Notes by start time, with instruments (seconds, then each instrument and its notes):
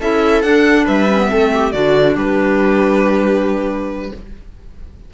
0.00 cello C#4, clarinet E4, viola A4, violin E5
0.42 cello D4, clarinet D4, violin F#5
0.85 cello G3, viola B4, violin E5
1.08 clarinet C#4
1.18 clarinet B3
1.29 cello A3, clarinet C4, viola A4
1.53 viola G4
1.72 cello D3, clarinet D4, viola F#4, violin D5
2.15 cello G3, viola G4, violin B4